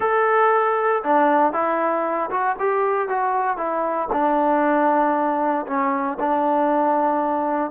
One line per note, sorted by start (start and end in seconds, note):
0.00 1.02 A4
1.03 1.52 D4
1.52 2.29 E4
2.30 2.55 F#4
2.59 3.08 G4
3.08 3.57 F#4
3.57 4.08 E4
4.12 5.66 D4
5.66 6.17 C#4
6.19 7.71 D4